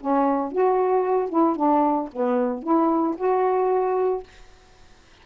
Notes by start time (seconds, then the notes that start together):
0.00 C#4
0.51 F#4
1.29 E4
1.56 D4
2.12 B3
2.62 E4
3.17 F#4